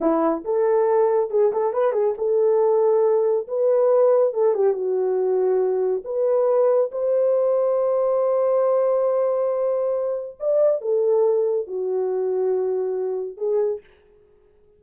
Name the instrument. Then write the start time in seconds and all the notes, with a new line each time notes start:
horn
0.00 E4
0.44 A4
1.30 G#4
1.52 A4
1.73 B4
1.92 G#4
2.17 A4
3.47 B4
4.33 A4
4.54 G4
4.73 F#4
6.04 B4
6.91 C5
10.39 D5
10.81 A4
11.67 F#4
13.37 G#4